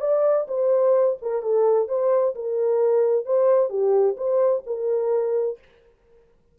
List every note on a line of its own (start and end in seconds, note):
0.00 0.46 D5
0.47 1.17 C5
1.21 1.42 A#4
1.42 1.88 A4
1.88 2.34 C5
2.35 3.25 A#4
3.25 3.69 C5
3.69 4.15 G4
4.16 4.63 C5
4.66 5.58 A#4